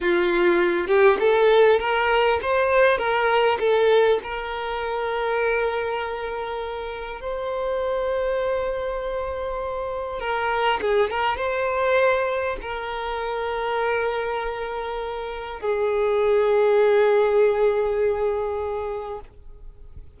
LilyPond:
\new Staff \with { instrumentName = "violin" } { \time 4/4 \tempo 4 = 100 f'4. g'8 a'4 ais'4 | c''4 ais'4 a'4 ais'4~ | ais'1 | c''1~ |
c''4 ais'4 gis'8 ais'8 c''4~ | c''4 ais'2.~ | ais'2 gis'2~ | gis'1 | }